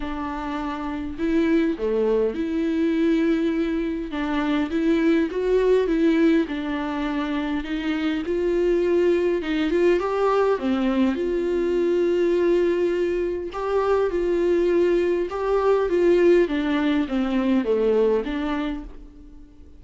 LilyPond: \new Staff \with { instrumentName = "viola" } { \time 4/4 \tempo 4 = 102 d'2 e'4 a4 | e'2. d'4 | e'4 fis'4 e'4 d'4~ | d'4 dis'4 f'2 |
dis'8 f'8 g'4 c'4 f'4~ | f'2. g'4 | f'2 g'4 f'4 | d'4 c'4 a4 d'4 | }